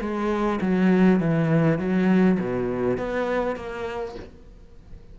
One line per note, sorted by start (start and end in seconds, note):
0.00 0.59 G#3
0.61 1.20 F#3
1.20 1.79 E3
1.79 2.38 F#3
2.39 2.98 B2
2.98 3.56 B3
3.56 4.15 A#3